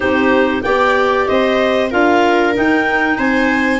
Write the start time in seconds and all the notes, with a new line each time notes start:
0.00 C4 D#4 G4 C5
0.62 B3 G4 D5 G5
1.26 C4 C5 D#5
1.90 D4 F4 A#4 F5
2.54 D#4 G5
3.18 C4 C5 G#5